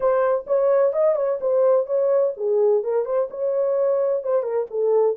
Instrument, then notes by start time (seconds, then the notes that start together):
horn
0.00 C5
0.46 C#5
0.93 D#5
1.15 C#5
1.41 C5
1.86 C#5
2.37 G#4
2.83 A#4
3.05 C5
3.30 C#5
4.23 C5
4.42 A#4
4.70 A4